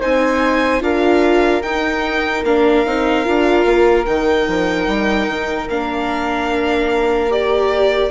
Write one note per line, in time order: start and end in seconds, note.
0.00 0.81 C4
0.00 0.80 D#4
0.00 0.81 C5
0.00 0.83 G#5
0.80 1.62 D4
0.80 1.61 F4
0.80 8.10 A#4
0.80 1.62 F5
1.62 2.43 D#4
1.62 2.45 D#4
1.62 2.43 G5
2.43 2.84 A#3
2.43 2.85 D4
2.43 4.05 F5
2.85 3.26 C4
2.85 3.24 D#4
3.24 3.65 D4
3.24 4.05 F4
3.65 4.05 A#3
4.05 4.47 D#3
4.05 5.68 D#4
4.05 5.68 G5
4.47 4.87 F3
4.87 5.27 G3
5.27 5.68 D#3
5.69 8.10 A#3
5.69 7.29 D4
5.69 7.31 F5
7.29 8.10 G4
7.29 8.10 D5